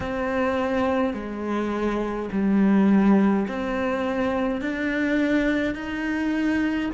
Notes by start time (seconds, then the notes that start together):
0.00 C4
1.13 G#3
2.31 G3
3.48 C4
4.61 D4
5.74 D#4